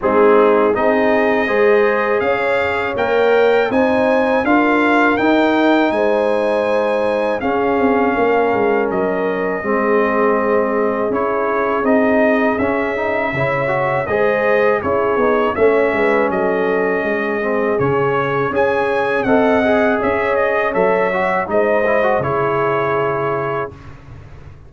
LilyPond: <<
  \new Staff \with { instrumentName = "trumpet" } { \time 4/4 \tempo 4 = 81 gis'4 dis''2 f''4 | g''4 gis''4 f''4 g''4 | gis''2 f''2 | dis''2. cis''4 |
dis''4 e''2 dis''4 | cis''4 e''4 dis''2 | cis''4 gis''4 fis''4 e''8 dis''8 | e''4 dis''4 cis''2 | }
  \new Staff \with { instrumentName = "horn" } { \time 4/4 dis'4 gis'4 c''4 cis''4~ | cis''4 c''4 ais'2 | c''2 gis'4 ais'4~ | ais'4 gis'2.~ |
gis'2 cis''4 c''4 | gis'4 cis''8 b'8 a'4 gis'4~ | gis'4 cis''4 dis''4 cis''4~ | cis''4 c''4 gis'2 | }
  \new Staff \with { instrumentName = "trombone" } { \time 4/4 c'4 dis'4 gis'2 | ais'4 dis'4 f'4 dis'4~ | dis'2 cis'2~ | cis'4 c'2 e'4 |
dis'4 cis'8 dis'8 e'8 fis'8 gis'4 | e'8 dis'8 cis'2~ cis'8 c'8 | cis'4 gis'4 a'8 gis'4. | a'8 fis'8 dis'8 e'16 fis'16 e'2 | }
  \new Staff \with { instrumentName = "tuba" } { \time 4/4 gis4 c'4 gis4 cis'4 | ais4 c'4 d'4 dis'4 | gis2 cis'8 c'8 ais8 gis8 | fis4 gis2 cis'4 |
c'4 cis'4 cis4 gis4 | cis'8 b8 a8 gis8 fis4 gis4 | cis4 cis'4 c'4 cis'4 | fis4 gis4 cis2 | }
>>